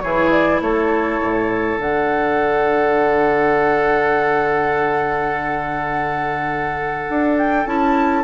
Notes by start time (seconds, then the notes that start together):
0.00 E3 E4 G#4 C#5
0.31 D5
0.61 A3 A4 C#5
1.21 A2
1.78 D3 D4 F#5
7.10 D4
7.38 G5
7.66 C#4 E4 A5